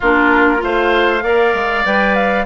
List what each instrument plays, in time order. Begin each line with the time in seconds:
0.00 bassoon A#3, clarinet D4, oboe F4, flute A#4
0.57 bassoon A3, clarinet F4, flute F5
0.64 oboe C5
1.23 bassoon A#3, clarinet A#4, oboe D5
1.53 bassoon G#3
1.84 bassoon G3, clarinet B4, flute G5
2.14 flute F5